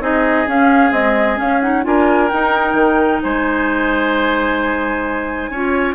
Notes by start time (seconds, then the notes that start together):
0.00 C4 D#4 G#4 D#5
0.47 C#4 F5
0.91 G#3 C4 D#5
1.36 C#4 F5
1.61 D#4 F#5
1.83 D4 F4 A#4 G#5
2.28 D#4 G5
2.73 D#3
3.22 G#3 C5 G#5
5.49 C#4 F4 C#5